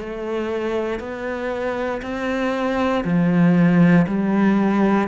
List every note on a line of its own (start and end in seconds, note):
0.00 1.00 A3
1.00 2.02 B3
2.02 3.04 C4
3.05 4.06 F3
4.07 5.08 G3